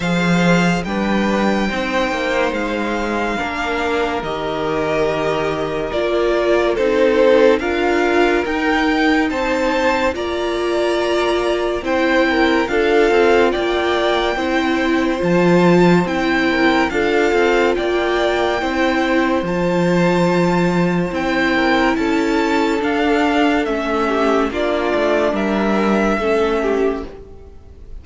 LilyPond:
<<
  \new Staff \with { instrumentName = "violin" } { \time 4/4 \tempo 4 = 71 f''4 g''2 f''4~ | f''4 dis''2 d''4 | c''4 f''4 g''4 a''4 | ais''2 g''4 f''4 |
g''2 a''4 g''4 | f''4 g''2 a''4~ | a''4 g''4 a''4 f''4 | e''4 d''4 e''2 | }
  \new Staff \with { instrumentName = "violin" } { \time 4/4 c''4 b'4 c''2 | ais'1 | a'4 ais'2 c''4 | d''2 c''8 ais'8 a'4 |
d''4 c''2~ c''8 ais'8 | a'4 d''4 c''2~ | c''4. ais'8 a'2~ | a'8 g'8 f'4 ais'4 a'8 g'8 | }
  \new Staff \with { instrumentName = "viola" } { \time 4/4 gis'4 d'4 dis'2 | d'4 g'2 f'4 | dis'4 f'4 dis'2 | f'2 e'4 f'4~ |
f'4 e'4 f'4 e'4 | f'2 e'4 f'4~ | f'4 e'2 d'4 | cis'4 d'2 cis'4 | }
  \new Staff \with { instrumentName = "cello" } { \time 4/4 f4 g4 c'8 ais8 gis4 | ais4 dis2 ais4 | c'4 d'4 dis'4 c'4 | ais2 c'4 d'8 c'8 |
ais4 c'4 f4 c'4 | d'8 c'8 ais4 c'4 f4~ | f4 c'4 cis'4 d'4 | a4 ais8 a8 g4 a4 | }
>>